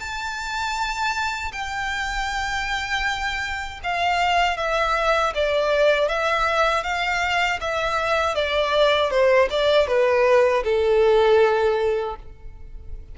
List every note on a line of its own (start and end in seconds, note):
0.00 1.52 A5
1.53 3.80 G5
3.84 4.57 F5
4.57 5.33 E5
5.35 6.09 D5
6.09 6.84 E5
6.84 7.59 F5
7.61 8.35 E5
8.35 9.11 D5
9.11 9.49 C5
9.50 9.87 D5
9.87 10.63 B4
10.64 12.16 A4